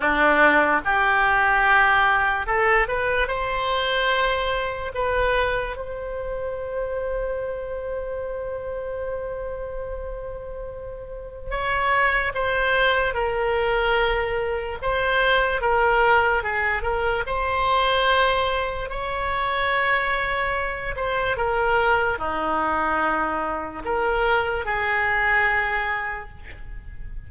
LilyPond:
\new Staff \with { instrumentName = "oboe" } { \time 4/4 \tempo 4 = 73 d'4 g'2 a'8 b'8 | c''2 b'4 c''4~ | c''1~ | c''2 cis''4 c''4 |
ais'2 c''4 ais'4 | gis'8 ais'8 c''2 cis''4~ | cis''4. c''8 ais'4 dis'4~ | dis'4 ais'4 gis'2 | }